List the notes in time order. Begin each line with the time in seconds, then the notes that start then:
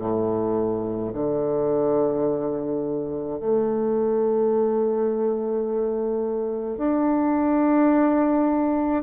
0.00 A2
1.14 D3
3.40 A3
6.78 D4